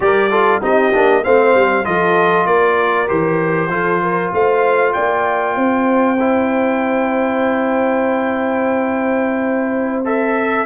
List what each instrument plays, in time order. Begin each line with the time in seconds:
0.00 tuba G3, trombone G4, horn A#4, trumpet D5
0.30 trombone F4, horn A4
0.61 tuba C4, trombone D#4, horn G4, trumpet D#5
0.92 tuba A#3, trombone D4
1.23 tuba A3, trombone C4, horn C5, trumpet F5
1.54 tuba G3
1.84 tuba F3, trombone F4, horn A4, trumpet D#5
2.45 tuba A#3, horn A#4, trumpet D5
3.07 tuba E3, trombone G4, trumpet C5
3.68 tuba F3, trombone F4, horn A4
4.01 horn A#4
4.32 tuba A3, horn C5, trumpet F5
4.93 tuba A#3, horn D5, trumpet G5
5.55 tuba C4, horn C5
6.19 trombone E4
10.04 trombone A4, trumpet E5